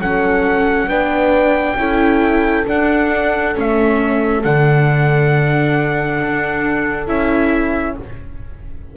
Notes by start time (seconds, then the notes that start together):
0.00 F#3 C#4 A4 F#5
0.87 B3 D4 B4 G5
1.76 C#4 E4 A4
2.67 D4 F#5
3.54 A3 C#4 E5
4.44 D3 D4 F#5
6.22 D4
7.07 C#4 E4 E5